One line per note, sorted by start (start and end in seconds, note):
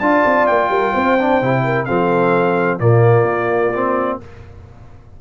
0.00 0.23 D4
0.00 1.19 F4
0.00 0.71 D5
0.00 0.47 A5
0.26 0.49 C4
0.47 0.69 A#3
0.47 1.85 G5
0.69 0.92 G3
0.69 0.92 A#4
0.92 1.42 C4
0.92 1.61 C5
1.19 1.42 D4
1.42 1.88 C3
1.42 1.87 E4
1.64 1.86 A#4
1.85 2.80 F3
1.85 2.80 C4
1.85 2.79 A4
1.85 2.78 F5
2.79 3.23 A#2
2.79 3.73 A#3
2.79 4.18 F4
2.79 4.19 D5
3.23 4.16 A#3
3.74 4.21 C4